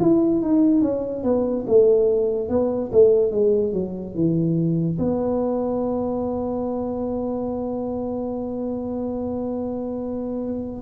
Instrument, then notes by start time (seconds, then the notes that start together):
tuba
0.00 E4
0.41 D#4
0.81 C#4
1.23 B3
1.67 A3
2.49 B3
2.92 A3
3.31 G#3
3.73 F#3
4.15 E3
4.98 B3